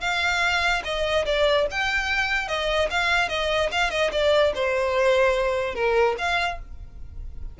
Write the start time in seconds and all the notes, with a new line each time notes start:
0.00 F5
0.84 D#5
1.25 D5
1.70 G5
2.48 D#5
2.90 F5
3.29 D#5
3.72 F5
3.90 D#5
4.12 D5
4.54 C5
5.74 A#4
6.18 F5